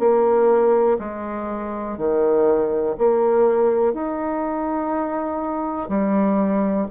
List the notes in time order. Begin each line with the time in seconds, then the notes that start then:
0.00 A#3
0.99 G#3
1.98 D#3
2.98 A#3
3.94 D#4
5.89 G3